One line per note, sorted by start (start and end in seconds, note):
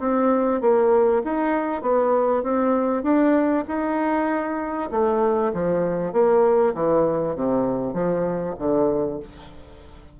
0.00 0.61 C4
0.61 1.22 A#3
1.24 1.82 D#4
1.82 2.43 B3
2.43 3.03 C4
3.03 3.64 D4
3.68 4.90 D#4
4.91 5.52 A3
5.54 6.13 F3
6.13 6.74 A#3
6.74 7.36 E3
7.36 7.93 C3
7.93 8.55 F3
8.59 9.20 D3